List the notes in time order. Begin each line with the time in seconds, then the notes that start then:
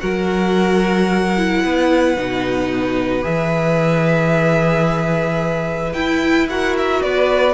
0.00 F#3 F#4 A#4 F#5
1.37 E4
1.64 B3 B4
2.17 B2 D#4
3.22 E3 G#4 E5
5.93 E4 G5
6.50 F#4 A#4 F#5
6.77 E5
7.03 B3 B4 D5